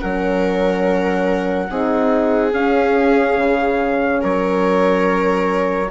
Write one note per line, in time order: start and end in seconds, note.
0.00 1.70 F#3
0.00 1.70 C#4
0.00 1.70 A#4
0.00 2.54 F#5
1.70 2.53 C4
1.70 2.50 D#4
1.70 4.21 G#4
2.50 5.88 C#4
2.50 3.37 C#4
2.50 4.23 F5
3.37 4.21 C#3
4.21 5.90 F#3
4.21 5.90 A#4
4.21 5.90 C#5